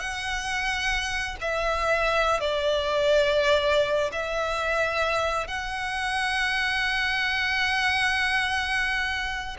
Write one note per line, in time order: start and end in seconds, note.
0.00 1.36 F#5
1.41 2.40 E5
2.40 4.11 D5
4.12 5.48 E5
5.48 9.57 F#5